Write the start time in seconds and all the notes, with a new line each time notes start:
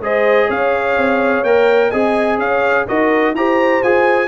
0.00 G#3 G#4 C5 D#5
0.48 C#4 C#5 F5
0.97 C4
1.43 A#3 A#4 G5
1.91 C4 G#4 D#5 G#5
2.39 C#4 C#5 F5
2.88 D#4 F#4 A#4 D#5
3.34 E4 G4 C5 A#5
3.83 F4 G#4 G#5